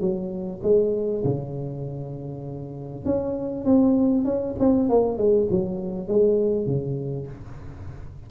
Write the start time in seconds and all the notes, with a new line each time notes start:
0.00 F#3
0.63 G#3
1.24 C#3
3.05 C#4
3.65 C4
4.25 C#4
4.59 C4
4.89 A#3
5.17 G#3
5.50 F#3
6.08 G#3
6.66 C#3